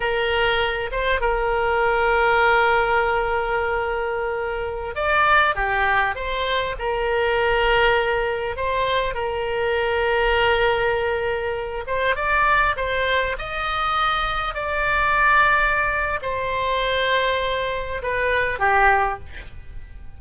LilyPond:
\new Staff \with { instrumentName = "oboe" } { \time 4/4 \tempo 4 = 100 ais'4. c''8 ais'2~ | ais'1~ | ais'16 d''4 g'4 c''4 ais'8.~ | ais'2~ ais'16 c''4 ais'8.~ |
ais'2.~ ais'8. c''16~ | c''16 d''4 c''4 dis''4.~ dis''16~ | dis''16 d''2~ d''8. c''4~ | c''2 b'4 g'4 | }